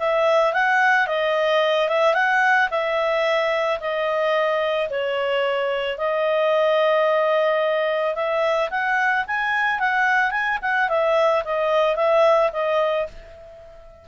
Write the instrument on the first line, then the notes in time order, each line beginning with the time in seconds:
clarinet
0.00 E5
0.54 F#5
1.07 D#5
1.89 E5
2.15 F#5
2.71 E5
3.81 D#5
4.90 C#5
5.98 D#5
8.15 E5
8.71 F#5
9.28 G#5
9.80 F#5
10.31 G#5
10.62 F#5
10.89 E5
11.45 D#5
11.97 E5
12.53 D#5